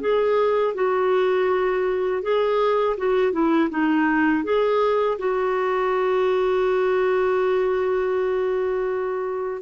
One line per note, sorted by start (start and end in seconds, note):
0.00 0.74 G#4
0.74 2.22 F#4
2.22 2.96 G#4
2.97 3.32 F#4
3.32 3.69 E4
3.70 4.43 D#4
4.43 5.18 G#4
5.18 9.62 F#4